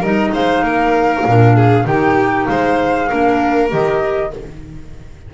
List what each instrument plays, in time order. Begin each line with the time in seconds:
0.00 double bass G3, clarinet D#4, violin A#4, flute D#5
0.34 double bass G#3, violin C5, flute F5
0.63 double bass A#3, violin A#4
1.26 double bass A#2, clarinet D4
1.55 violin G#4
1.85 double bass D#3, clarinet D#4, violin G4, flute G5
2.46 double bass G#3, violin C5, flute F5
3.08 double bass A#3, clarinet D4, violin A#4
3.69 double bass D#3, clarinet G4, flute D#5